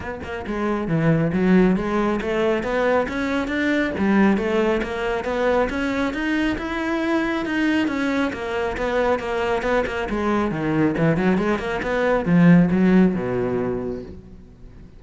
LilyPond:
\new Staff \with { instrumentName = "cello" } { \time 4/4 \tempo 4 = 137 b8 ais8 gis4 e4 fis4 | gis4 a4 b4 cis'4 | d'4 g4 a4 ais4 | b4 cis'4 dis'4 e'4~ |
e'4 dis'4 cis'4 ais4 | b4 ais4 b8 ais8 gis4 | dis4 e8 fis8 gis8 ais8 b4 | f4 fis4 b,2 | }